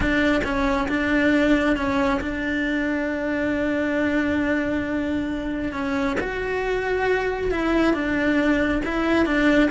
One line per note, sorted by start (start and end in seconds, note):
0.00 0.41 D4
0.44 0.88 C#4
0.88 1.76 D4
1.76 2.20 C#4
2.20 5.72 D4
5.72 6.16 C#4
6.19 7.51 F#4
7.51 7.93 E4
7.93 8.81 D4
8.84 9.25 E4
9.25 9.69 D4